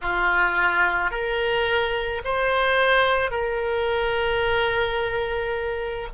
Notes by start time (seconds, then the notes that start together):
0.01 F4
1.11 A#4
2.24 C5
3.30 A#4